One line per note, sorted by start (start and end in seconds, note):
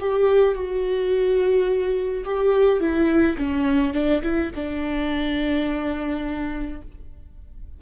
0.00 0.55 G4
0.55 2.24 F#4
2.25 2.80 G4
2.80 3.37 E4
3.38 3.94 C#4
3.94 4.22 D4
4.22 4.51 E4
4.55 6.81 D4